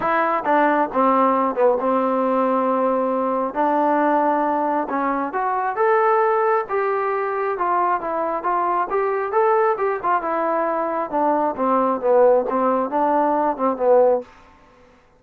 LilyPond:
\new Staff \with { instrumentName = "trombone" } { \time 4/4 \tempo 4 = 135 e'4 d'4 c'4. b8 | c'1 | d'2. cis'4 | fis'4 a'2 g'4~ |
g'4 f'4 e'4 f'4 | g'4 a'4 g'8 f'8 e'4~ | e'4 d'4 c'4 b4 | c'4 d'4. c'8 b4 | }